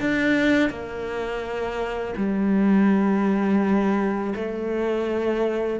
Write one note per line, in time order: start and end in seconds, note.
0.00 0.69 D4
0.69 2.14 A#3
2.16 4.33 G3
4.35 5.79 A3